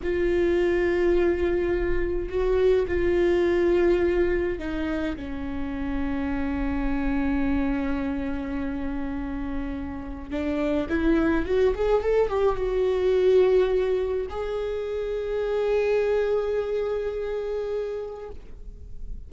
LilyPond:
\new Staff \with { instrumentName = "viola" } { \time 4/4 \tempo 4 = 105 f'1 | fis'4 f'2. | dis'4 cis'2.~ | cis'1~ |
cis'2 d'4 e'4 | fis'8 gis'8 a'8 g'8 fis'2~ | fis'4 gis'2.~ | gis'1 | }